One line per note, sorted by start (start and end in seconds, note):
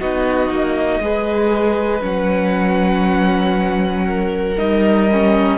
0.00 0.50 B3
0.00 1.02 D#4
0.00 1.02 F#4
0.00 2.04 D#5
0.50 1.00 A#3
1.00 2.01 G#3
1.00 2.01 G#4
1.00 4.06 B4
2.01 4.56 F#3
2.01 4.55 C#4
2.01 4.58 F#5
4.06 5.57 A#4
4.57 5.57 G3
4.57 5.08 D#4
4.57 5.57 D#5
5.12 5.57 C#4